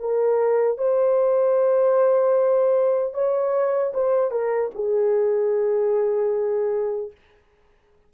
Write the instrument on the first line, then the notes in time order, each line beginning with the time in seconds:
horn
0.00 A#4
0.78 C5
3.14 C#5
3.94 C5
4.31 A#4
4.75 G#4